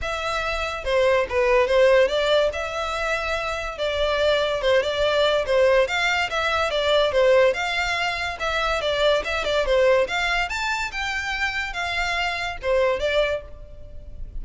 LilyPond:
\new Staff \with { instrumentName = "violin" } { \time 4/4 \tempo 4 = 143 e''2 c''4 b'4 | c''4 d''4 e''2~ | e''4 d''2 c''8 d''8~ | d''4 c''4 f''4 e''4 |
d''4 c''4 f''2 | e''4 d''4 e''8 d''8 c''4 | f''4 a''4 g''2 | f''2 c''4 d''4 | }